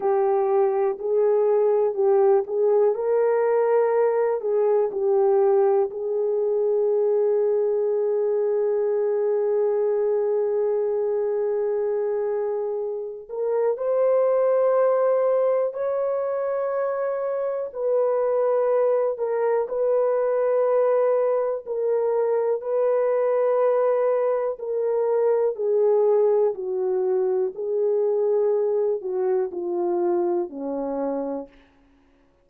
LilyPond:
\new Staff \with { instrumentName = "horn" } { \time 4/4 \tempo 4 = 61 g'4 gis'4 g'8 gis'8 ais'4~ | ais'8 gis'8 g'4 gis'2~ | gis'1~ | gis'4. ais'8 c''2 |
cis''2 b'4. ais'8 | b'2 ais'4 b'4~ | b'4 ais'4 gis'4 fis'4 | gis'4. fis'8 f'4 cis'4 | }